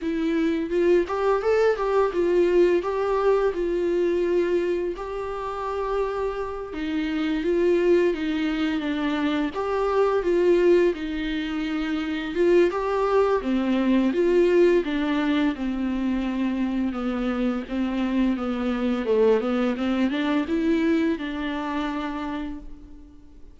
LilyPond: \new Staff \with { instrumentName = "viola" } { \time 4/4 \tempo 4 = 85 e'4 f'8 g'8 a'8 g'8 f'4 | g'4 f'2 g'4~ | g'4. dis'4 f'4 dis'8~ | dis'8 d'4 g'4 f'4 dis'8~ |
dis'4. f'8 g'4 c'4 | f'4 d'4 c'2 | b4 c'4 b4 a8 b8 | c'8 d'8 e'4 d'2 | }